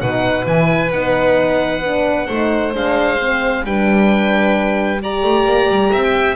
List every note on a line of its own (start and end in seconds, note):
0.00 0.46 B2
0.00 0.45 D#4
0.00 2.27 B4
0.00 0.45 F#5
0.45 0.92 E3
0.45 0.90 E4
0.45 0.92 G#5
0.92 2.28 B3
0.92 1.84 D#4
0.92 2.74 F#5
1.84 2.29 D4
2.27 2.74 A3
2.27 2.73 D#4
2.27 3.63 C5
2.73 3.65 G#3
2.73 3.19 D4
2.73 3.66 F5
3.20 3.65 C4
3.65 5.23 G3
3.65 5.01 D4
3.65 5.02 B4
3.65 5.02 G5
5.01 6.35 G4
5.01 5.92 D5
5.01 6.03 A#5
5.23 5.45 A3
5.45 5.68 A#3
5.69 5.92 G3
5.92 6.35 C4
5.92 6.35 E5
6.03 6.35 G5